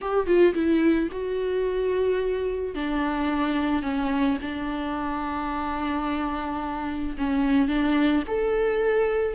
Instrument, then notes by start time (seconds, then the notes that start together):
viola
0.01 G4
0.26 F4
0.54 E4
1.11 F#4
2.74 D4
3.82 C#4
4.41 D4
7.17 C#4
7.68 D4
8.27 A4